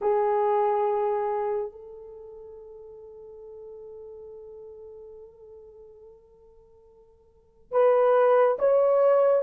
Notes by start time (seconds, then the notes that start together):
0.01 G#4
1.71 A4
7.71 B4
8.59 C#5